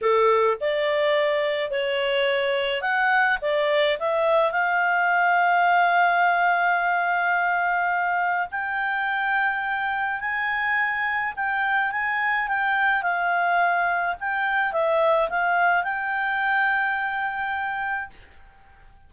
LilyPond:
\new Staff \with { instrumentName = "clarinet" } { \time 4/4 \tempo 4 = 106 a'4 d''2 cis''4~ | cis''4 fis''4 d''4 e''4 | f''1~ | f''2. g''4~ |
g''2 gis''2 | g''4 gis''4 g''4 f''4~ | f''4 g''4 e''4 f''4 | g''1 | }